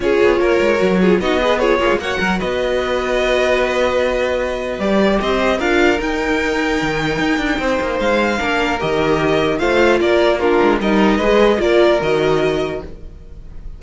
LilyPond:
<<
  \new Staff \with { instrumentName = "violin" } { \time 4/4 \tempo 4 = 150 cis''2. dis''4 | cis''4 fis''4 dis''2~ | dis''1 | d''4 dis''4 f''4 g''4~ |
g''1 | f''2 dis''2 | f''4 d''4 ais'4 dis''4~ | dis''4 d''4 dis''2 | }
  \new Staff \with { instrumentName = "violin" } { \time 4/4 gis'4 ais'4. gis'8 fis'8 b'8 | gis'8 f'8 cis''8 ais'8 b'2~ | b'1~ | b'4 c''4 ais'2~ |
ais'2. c''4~ | c''4 ais'2. | c''4 ais'4 f'4 ais'4 | b'4 ais'2. | }
  \new Staff \with { instrumentName = "viola" } { \time 4/4 f'2 fis'8 f'8 dis'8 gis'8 | f'8 gis'8 fis'2.~ | fis'1 | g'2 f'4 dis'4~ |
dis'1~ | dis'4 d'4 g'2 | f'2 d'4 dis'4 | gis'4 f'4 fis'2 | }
  \new Staff \with { instrumentName = "cello" } { \time 4/4 cis'8 b8 ais8 gis8 fis4 b4~ | b8 ais16 gis16 ais8 fis8 b2~ | b1 | g4 c'4 d'4 dis'4~ |
dis'4 dis4 dis'8 d'8 c'8 ais8 | gis4 ais4 dis2 | a4 ais4. gis8 g4 | gis4 ais4 dis2 | }
>>